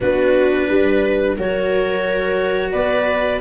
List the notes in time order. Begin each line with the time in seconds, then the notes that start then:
0.00 B3 D4 F#4 B4
0.68 G3 B4
1.36 F#3 F#4 A#4 C#5
2.71 B3 B4 D5